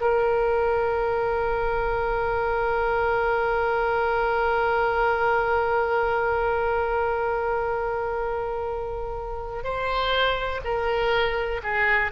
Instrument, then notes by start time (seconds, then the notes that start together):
oboe
0.00 A#4
9.64 C5
10.64 A#4
11.63 G#4